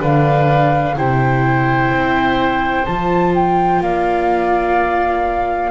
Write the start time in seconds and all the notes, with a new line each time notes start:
0.00 D3 D4 B4 F5
0.96 C3 E4 C5 G5
1.91 C4
2.86 F3 F4 A5
3.35 G5
3.81 A#3 D5 F5